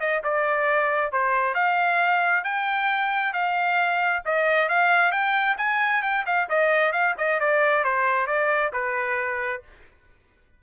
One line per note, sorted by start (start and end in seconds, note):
0.00 0.22 D#5
0.24 1.12 D5
1.12 1.55 C5
1.55 2.44 F5
2.44 3.33 G5
3.33 4.23 F5
4.25 4.69 D#5
4.69 5.12 F5
5.12 5.57 G5
5.58 6.02 G#5
6.03 6.25 G5
6.26 6.49 F5
6.49 6.93 D#5
6.93 7.15 F5
7.18 7.40 D#5
7.40 7.84 D5
7.84 8.27 C5
8.27 8.72 D5
8.73 9.63 B4